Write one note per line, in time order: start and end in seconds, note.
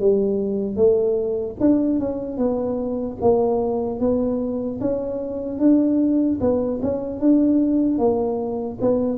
0.00 0.76 G3
0.76 1.56 A3
1.60 2.00 D4
2.00 2.38 C#4
2.38 3.18 B3
3.21 4.00 A#3
4.00 4.80 B3
4.81 5.59 C#4
5.59 6.39 D4
6.41 6.81 B3
6.82 7.20 C#4
7.20 7.98 D4
7.98 8.78 A#3
8.81 9.18 B3